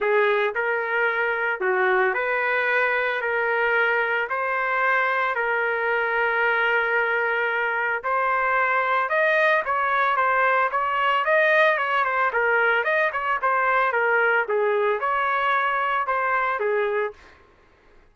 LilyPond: \new Staff \with { instrumentName = "trumpet" } { \time 4/4 \tempo 4 = 112 gis'4 ais'2 fis'4 | b'2 ais'2 | c''2 ais'2~ | ais'2. c''4~ |
c''4 dis''4 cis''4 c''4 | cis''4 dis''4 cis''8 c''8 ais'4 | dis''8 cis''8 c''4 ais'4 gis'4 | cis''2 c''4 gis'4 | }